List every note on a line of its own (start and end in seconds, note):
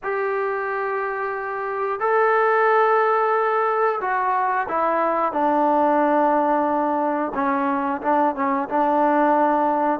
0.03 1.99 G4
1.99 3.99 A4
4.00 4.67 F#4
4.68 5.32 E4
5.32 7.32 D4
7.34 8.01 C#4
8.02 8.35 D4
8.35 8.68 C#4
8.68 9.99 D4